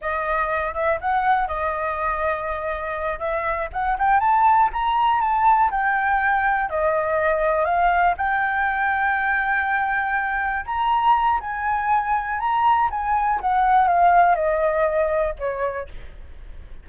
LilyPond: \new Staff \with { instrumentName = "flute" } { \time 4/4 \tempo 4 = 121 dis''4. e''8 fis''4 dis''4~ | dis''2~ dis''8 e''4 fis''8 | g''8 a''4 ais''4 a''4 g''8~ | g''4. dis''2 f''8~ |
f''8 g''2.~ g''8~ | g''4. ais''4. gis''4~ | gis''4 ais''4 gis''4 fis''4 | f''4 dis''2 cis''4 | }